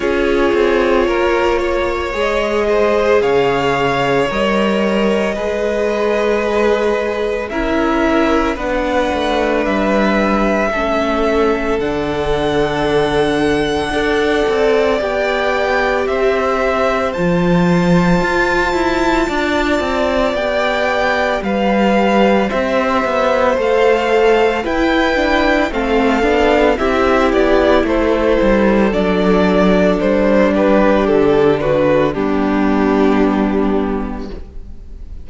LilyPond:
<<
  \new Staff \with { instrumentName = "violin" } { \time 4/4 \tempo 4 = 56 cis''2 dis''4 f''4 | dis''2. e''4 | fis''4 e''2 fis''4~ | fis''2 g''4 e''4 |
a''2. g''4 | f''4 e''4 f''4 g''4 | f''4 e''8 d''8 c''4 d''4 | c''8 b'8 a'8 b'8 g'2 | }
  \new Staff \with { instrumentName = "violin" } { \time 4/4 gis'4 ais'8 cis''4 c''8 cis''4~ | cis''4 b'2 ais'4 | b'2 a'2~ | a'4 d''2 c''4~ |
c''2 d''2 | b'4 c''2 b'4 | a'4 g'4 a'2~ | a'8 g'4 fis'8 d'2 | }
  \new Staff \with { instrumentName = "viola" } { \time 4/4 f'2 gis'2 | ais'4 gis'2 e'4 | d'2 cis'4 d'4~ | d'4 a'4 g'2 |
f'2. g'4~ | g'2 a'4 e'8 d'8 | c'8 d'8 e'2 d'4~ | d'2 b2 | }
  \new Staff \with { instrumentName = "cello" } { \time 4/4 cis'8 c'8 ais4 gis4 cis4 | g4 gis2 cis'4 | b8 a8 g4 a4 d4~ | d4 d'8 c'8 b4 c'4 |
f4 f'8 e'8 d'8 c'8 b4 | g4 c'8 b8 a4 e'4 | a8 b8 c'8 b8 a8 g8 fis4 | g4 d4 g2 | }
>>